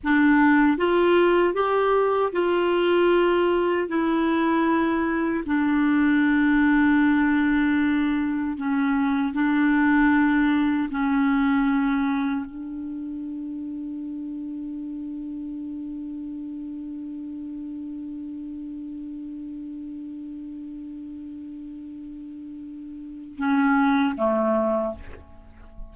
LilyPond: \new Staff \with { instrumentName = "clarinet" } { \time 4/4 \tempo 4 = 77 d'4 f'4 g'4 f'4~ | f'4 e'2 d'4~ | d'2. cis'4 | d'2 cis'2 |
d'1~ | d'1~ | d'1~ | d'2 cis'4 a4 | }